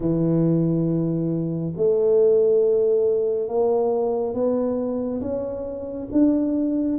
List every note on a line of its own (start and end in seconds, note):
0.00 1.73 E3
1.76 3.48 A3
3.48 4.34 A#3
4.34 5.21 B3
5.21 6.08 C#4
6.11 6.98 D4